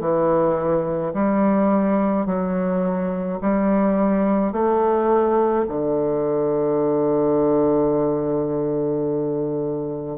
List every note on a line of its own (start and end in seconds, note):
0.00 1.13 E3
1.13 2.25 G3
2.25 3.39 F#3
3.41 4.52 G3
4.52 5.66 A3
5.68 10.17 D3